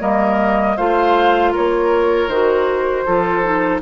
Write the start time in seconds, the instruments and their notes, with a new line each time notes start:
0.00 bassoon G3, clarinet A#3, oboe A#4, flute D#5
0.77 bassoon A3, clarinet F4, oboe C5, flute F5
1.52 bassoon A#3, oboe A#4, flute C#5
2.28 bassoon D#3, clarinet F#4, flute C5
3.06 bassoon F3, clarinet F4, oboe A4
3.43 clarinet D#4